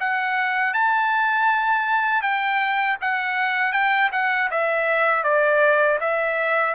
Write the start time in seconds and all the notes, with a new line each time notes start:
0.00 F#5
0.74 A5
2.22 G5
3.02 F#5
3.73 G5
4.12 F#5
4.51 E5
5.24 D5
6.01 E5